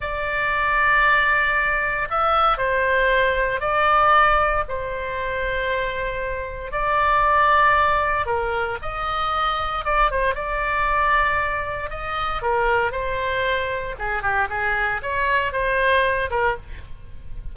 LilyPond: \new Staff \with { instrumentName = "oboe" } { \time 4/4 \tempo 4 = 116 d''1 | e''4 c''2 d''4~ | d''4 c''2.~ | c''4 d''2. |
ais'4 dis''2 d''8 c''8 | d''2. dis''4 | ais'4 c''2 gis'8 g'8 | gis'4 cis''4 c''4. ais'8 | }